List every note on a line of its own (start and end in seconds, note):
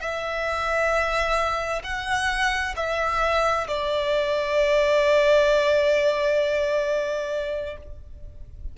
0.00 1.82 E5
1.83 2.74 F#5
2.76 3.67 E5
3.67 7.76 D5